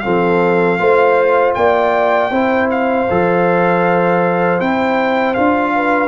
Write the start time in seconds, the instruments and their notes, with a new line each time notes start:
0.00 tuba F3, trombone C4, horn A4, trumpet F5
0.79 tuba A3, trombone F4, horn C5
1.55 tuba A#3, horn D5, trumpet G5
2.30 tuba C4, trombone E4, horn C5
2.71 trumpet F5
3.10 tuba F3, trombone A4
4.60 tuba C4, trombone E4, trumpet G5
5.34 tuba D4, trombone F4, trumpet F5
5.76 horn B4